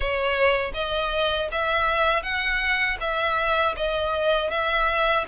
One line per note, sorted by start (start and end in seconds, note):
0.00 0.72 C#5
0.73 1.48 D#5
1.51 2.22 E5
2.22 2.97 F#5
3.00 3.75 E5
3.76 4.50 D#5
4.50 5.25 E5